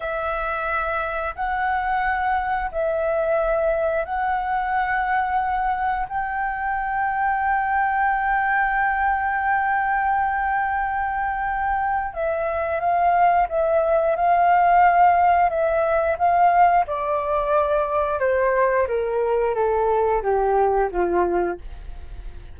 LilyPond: \new Staff \with { instrumentName = "flute" } { \time 4/4 \tempo 4 = 89 e''2 fis''2 | e''2 fis''2~ | fis''4 g''2.~ | g''1~ |
g''2 e''4 f''4 | e''4 f''2 e''4 | f''4 d''2 c''4 | ais'4 a'4 g'4 f'4 | }